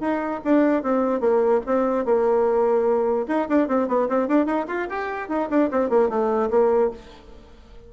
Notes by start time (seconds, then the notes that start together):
0.00 D#4
0.45 D4
0.83 C4
1.21 A#3
1.66 C4
2.05 A#3
3.28 D#4
3.49 D4
3.68 C4
3.88 B3
4.09 C4
4.28 D4
4.46 D#4
4.68 F4
4.90 G4
5.29 D#4
5.50 D4
5.71 C4
5.90 A#3
6.09 A3
6.51 A#3